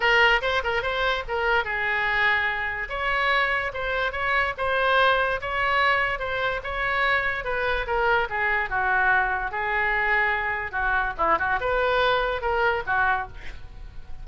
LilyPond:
\new Staff \with { instrumentName = "oboe" } { \time 4/4 \tempo 4 = 145 ais'4 c''8 ais'8 c''4 ais'4 | gis'2. cis''4~ | cis''4 c''4 cis''4 c''4~ | c''4 cis''2 c''4 |
cis''2 b'4 ais'4 | gis'4 fis'2 gis'4~ | gis'2 fis'4 e'8 fis'8 | b'2 ais'4 fis'4 | }